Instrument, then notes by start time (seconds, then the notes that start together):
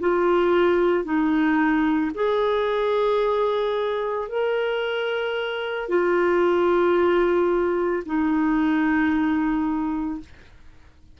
clarinet
0.00 F4
1.04 D#4
2.14 G#4
4.29 A#4
5.89 F4
8.06 D#4